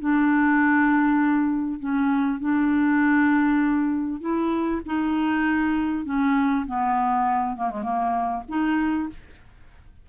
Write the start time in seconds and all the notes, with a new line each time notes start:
0.00 D4
1.80 C#4
2.40 D4
4.21 E4
4.86 D#4
6.05 C#4
6.67 B3
7.56 A#3
7.71 G#3
7.83 A#3
8.48 D#4